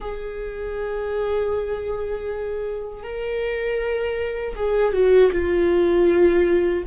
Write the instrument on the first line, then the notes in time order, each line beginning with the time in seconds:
viola
0.00 G#4
3.03 A#4
4.55 G#4
4.93 F#4
5.32 F4